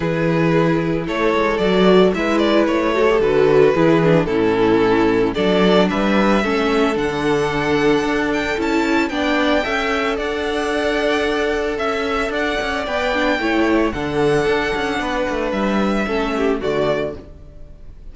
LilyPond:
<<
  \new Staff \with { instrumentName = "violin" } { \time 4/4 \tempo 4 = 112 b'2 cis''4 d''4 | e''8 d''8 cis''4 b'2 | a'2 d''4 e''4~ | e''4 fis''2~ fis''8 g''8 |
a''4 g''2 fis''4~ | fis''2 e''4 fis''4 | g''2 fis''2~ | fis''4 e''2 d''4 | }
  \new Staff \with { instrumentName = "violin" } { \time 4/4 gis'2 a'2 | b'4. a'4. gis'4 | e'2 a'4 b'4 | a'1~ |
a'4 d''4 e''4 d''4~ | d''2 e''4 d''4~ | d''4 cis''4 a'2 | b'2 a'8 g'8 fis'4 | }
  \new Staff \with { instrumentName = "viola" } { \time 4/4 e'2. fis'4 | e'4. fis'16 g'16 fis'4 e'8 d'8 | cis'2 d'2 | cis'4 d'2. |
e'4 d'4 a'2~ | a'1 | b'8 d'8 e'4 d'2~ | d'2 cis'4 a4 | }
  \new Staff \with { instrumentName = "cello" } { \time 4/4 e2 a8 gis8 fis4 | gis4 a4 d4 e4 | a,2 fis4 g4 | a4 d2 d'4 |
cis'4 b4 cis'4 d'4~ | d'2 cis'4 d'8 cis'8 | b4 a4 d4 d'8 cis'8 | b8 a8 g4 a4 d4 | }
>>